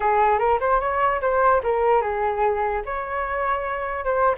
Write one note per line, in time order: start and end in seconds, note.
0.00 0.39 G#4
0.39 0.59 A#4
0.60 0.80 C5
0.80 1.20 C#5
1.21 1.61 C5
1.63 2.01 A#4
2.01 2.82 G#4
2.85 4.04 C#5
4.04 4.35 C5